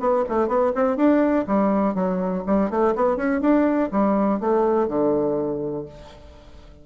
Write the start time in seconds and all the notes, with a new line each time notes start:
0.00 B3
0.29 A3
0.48 B3
0.75 C4
0.97 D4
1.47 G3
1.95 F#3
2.47 G3
2.71 A3
2.96 B3
3.17 C#4
3.41 D4
3.92 G3
4.40 A3
4.88 D3